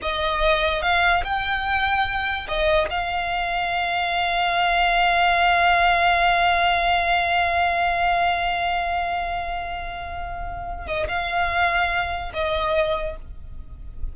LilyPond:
\new Staff \with { instrumentName = "violin" } { \time 4/4 \tempo 4 = 146 dis''2 f''4 g''4~ | g''2 dis''4 f''4~ | f''1~ | f''1~ |
f''1~ | f''1~ | f''2~ f''8 dis''8 f''4~ | f''2 dis''2 | }